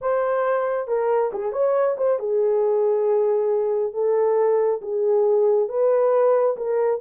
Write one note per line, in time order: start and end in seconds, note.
0.01 0.87 C5
0.87 1.31 A#4
1.33 1.52 G#4
1.52 1.96 C#5
1.97 2.19 C5
2.19 3.93 G#4
3.93 4.80 A4
4.81 5.68 G#4
5.68 6.56 B4
6.56 7.00 A#4